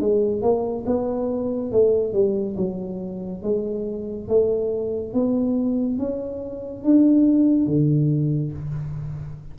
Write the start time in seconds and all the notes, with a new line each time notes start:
0.00 G#3
0.42 A#3
0.86 B3
1.72 A3
2.13 G3
2.57 F#3
3.42 G#3
4.28 A3
5.14 B3
5.98 C#4
6.84 D4
7.67 D3